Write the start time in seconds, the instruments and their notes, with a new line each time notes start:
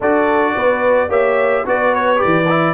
0.00 tuba D4, trombone F#4, horn A4, trumpet D5
0.55 tuba B3, horn B4
1.08 tuba A#3, trombone G4, horn C#5, trumpet E5
1.65 tuba B3, trombone F#4, horn B4, trumpet D5
1.94 trumpet C#5
2.16 trombone G4, trumpet D5
2.25 tuba E3
2.48 trombone E4